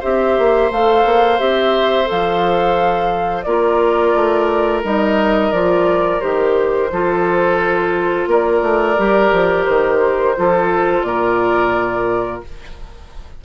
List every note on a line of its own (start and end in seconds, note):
0.00 0.38 C4
0.00 0.71 G4
0.00 3.45 C5
0.00 0.71 E5
0.38 0.71 A#3
0.71 1.05 A3
0.71 1.39 A4
0.71 1.39 F5
1.05 1.39 A#3
1.39 2.09 C4
1.39 2.05 G4
1.39 2.08 E5
2.05 3.46 F3
2.05 3.43 A4
2.05 3.43 F5
3.43 4.14 A#3
3.43 4.83 F4
3.43 6.91 A#4
3.43 4.81 D5
4.14 4.83 A3
4.83 5.52 G3
4.83 5.52 D#4
4.83 5.52 D#5
5.52 6.21 F3
5.52 6.20 F4
5.52 6.20 D5
6.20 6.91 D#3
6.20 6.89 G4
6.20 8.27 C5
6.91 8.27 F3
6.91 8.97 F4
6.91 8.29 A4
8.27 8.61 A#3
8.27 10.36 A#4
8.27 9.65 D5
8.62 8.96 A3
8.97 9.32 G3
8.97 10.35 G4
9.32 9.66 F3
9.65 10.37 D#3
9.65 11.02 C5
10.36 11.02 F3
10.36 12.43 F4
10.36 11.06 A4
11.02 12.40 A#2
11.02 12.44 A#4
11.02 12.40 D5